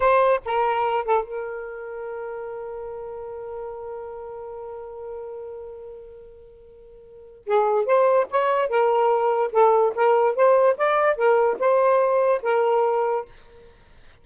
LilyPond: \new Staff \with { instrumentName = "saxophone" } { \time 4/4 \tempo 4 = 145 c''4 ais'4. a'8 ais'4~ | ais'1~ | ais'1~ | ais'1~ |
ais'2 gis'4 c''4 | cis''4 ais'2 a'4 | ais'4 c''4 d''4 ais'4 | c''2 ais'2 | }